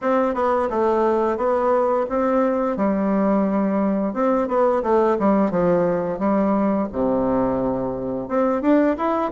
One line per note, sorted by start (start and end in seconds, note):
0.01 0.34 C4
0.34 0.68 B3
0.70 1.37 A3
1.37 2.06 B3
2.09 2.76 C4
2.76 4.13 G3
4.13 4.48 C4
4.48 4.82 B3
4.82 5.17 A3
5.19 5.50 G3
5.50 6.18 F3
6.18 6.87 G3
6.92 8.28 C3
8.28 8.61 C4
8.61 8.96 D4
8.97 9.31 E4